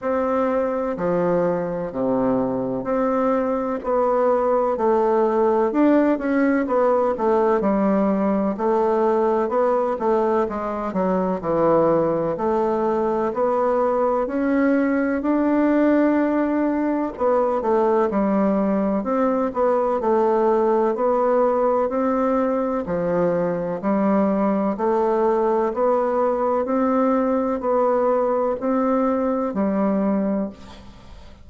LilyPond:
\new Staff \with { instrumentName = "bassoon" } { \time 4/4 \tempo 4 = 63 c'4 f4 c4 c'4 | b4 a4 d'8 cis'8 b8 a8 | g4 a4 b8 a8 gis8 fis8 | e4 a4 b4 cis'4 |
d'2 b8 a8 g4 | c'8 b8 a4 b4 c'4 | f4 g4 a4 b4 | c'4 b4 c'4 g4 | }